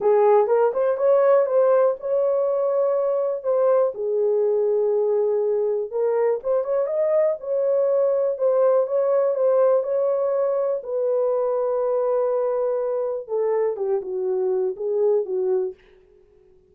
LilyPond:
\new Staff \with { instrumentName = "horn" } { \time 4/4 \tempo 4 = 122 gis'4 ais'8 c''8 cis''4 c''4 | cis''2. c''4 | gis'1 | ais'4 c''8 cis''8 dis''4 cis''4~ |
cis''4 c''4 cis''4 c''4 | cis''2 b'2~ | b'2. a'4 | g'8 fis'4. gis'4 fis'4 | }